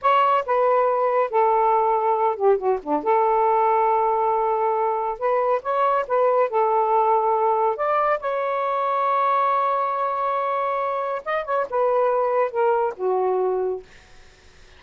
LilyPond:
\new Staff \with { instrumentName = "saxophone" } { \time 4/4 \tempo 4 = 139 cis''4 b'2 a'4~ | a'4. g'8 fis'8 d'8 a'4~ | a'1 | b'4 cis''4 b'4 a'4~ |
a'2 d''4 cis''4~ | cis''1~ | cis''2 dis''8 cis''8 b'4~ | b'4 ais'4 fis'2 | }